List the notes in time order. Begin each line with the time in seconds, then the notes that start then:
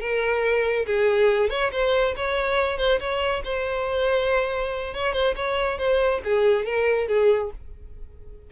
0.00 A#4
0.86 G#4
1.50 C#5
1.72 C5
2.16 C#5
2.78 C5
3.00 C#5
3.44 C5
4.94 C#5
5.13 C5
5.36 C#5
5.78 C5
6.24 G#4
6.65 A#4
7.08 G#4